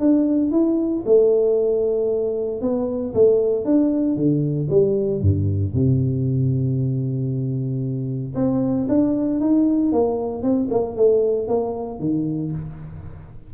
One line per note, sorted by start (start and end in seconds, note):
0.00 0.52 D4
0.52 1.04 E4
1.06 2.62 A3
2.62 3.14 B3
3.14 3.65 A3
3.65 4.16 D4
4.16 4.68 D3
4.70 5.22 G3
5.22 5.74 G2
5.74 8.35 C3
8.35 8.87 C4
8.89 9.41 D4
9.41 9.92 D#4
9.92 10.43 A#3
10.43 10.69 C4
10.71 10.96 A#3
10.96 11.48 A3
11.48 12.00 A#3
12.00 12.52 D#3